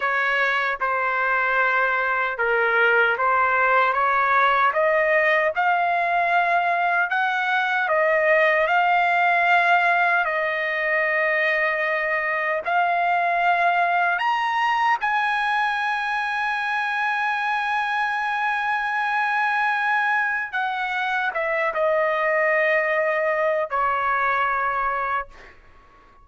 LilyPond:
\new Staff \with { instrumentName = "trumpet" } { \time 4/4 \tempo 4 = 76 cis''4 c''2 ais'4 | c''4 cis''4 dis''4 f''4~ | f''4 fis''4 dis''4 f''4~ | f''4 dis''2. |
f''2 ais''4 gis''4~ | gis''1~ | gis''2 fis''4 e''8 dis''8~ | dis''2 cis''2 | }